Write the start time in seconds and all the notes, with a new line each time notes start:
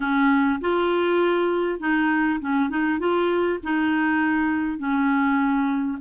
0.00 C#4
0.61 F4
1.79 D#4
2.40 C#4
2.69 D#4
2.99 F4
3.63 D#4
4.78 C#4